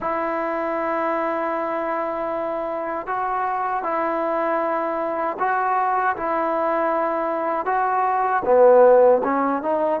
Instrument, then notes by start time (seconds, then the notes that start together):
trombone
0.00 E4
3.06 F#4
3.83 E4
5.38 F#4
6.16 E4
7.65 F#4
8.44 B3
9.23 C#4
9.62 D#4